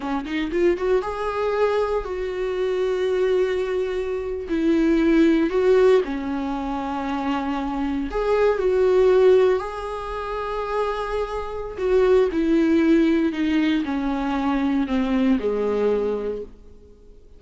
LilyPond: \new Staff \with { instrumentName = "viola" } { \time 4/4 \tempo 4 = 117 cis'8 dis'8 f'8 fis'8 gis'2 | fis'1~ | fis'8. e'2 fis'4 cis'16~ | cis'2.~ cis'8. gis'16~ |
gis'8. fis'2 gis'4~ gis'16~ | gis'2. fis'4 | e'2 dis'4 cis'4~ | cis'4 c'4 gis2 | }